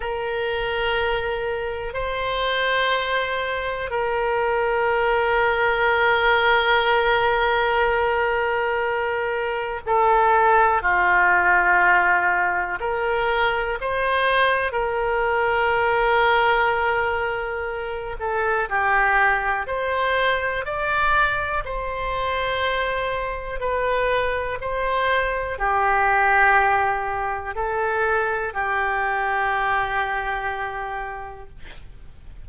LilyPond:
\new Staff \with { instrumentName = "oboe" } { \time 4/4 \tempo 4 = 61 ais'2 c''2 | ais'1~ | ais'2 a'4 f'4~ | f'4 ais'4 c''4 ais'4~ |
ais'2~ ais'8 a'8 g'4 | c''4 d''4 c''2 | b'4 c''4 g'2 | a'4 g'2. | }